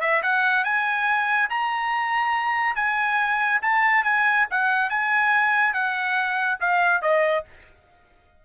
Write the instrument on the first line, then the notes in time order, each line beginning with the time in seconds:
trumpet
0.00 E5
0.22 F#5
0.64 G#5
1.50 A#5
2.75 G#5
3.62 A5
4.03 G#5
4.50 F#5
4.89 G#5
5.73 F#5
6.60 F5
7.02 D#5